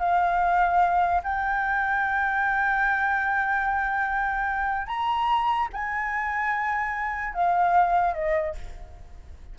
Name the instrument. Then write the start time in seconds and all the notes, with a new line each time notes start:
flute
0.00 F5
1.24 G5
4.88 A#5
5.73 G#5
7.35 F5
8.14 D#5